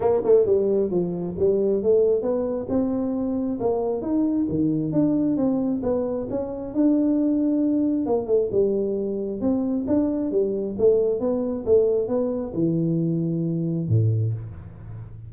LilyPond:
\new Staff \with { instrumentName = "tuba" } { \time 4/4 \tempo 4 = 134 ais8 a8 g4 f4 g4 | a4 b4 c'2 | ais4 dis'4 dis4 d'4 | c'4 b4 cis'4 d'4~ |
d'2 ais8 a8 g4~ | g4 c'4 d'4 g4 | a4 b4 a4 b4 | e2. a,4 | }